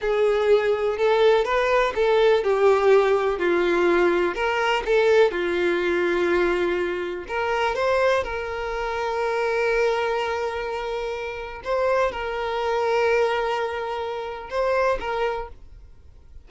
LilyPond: \new Staff \with { instrumentName = "violin" } { \time 4/4 \tempo 4 = 124 gis'2 a'4 b'4 | a'4 g'2 f'4~ | f'4 ais'4 a'4 f'4~ | f'2. ais'4 |
c''4 ais'2.~ | ais'1 | c''4 ais'2.~ | ais'2 c''4 ais'4 | }